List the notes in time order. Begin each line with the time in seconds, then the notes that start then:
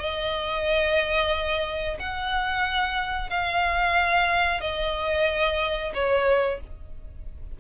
0.00 D#5
2.00 F#5
3.30 F5
4.61 D#5
5.95 C#5